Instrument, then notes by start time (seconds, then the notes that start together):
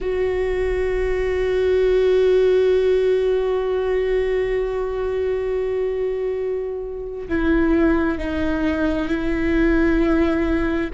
viola
0.00 F#4
7.28 E4
8.18 D#4
9.08 E4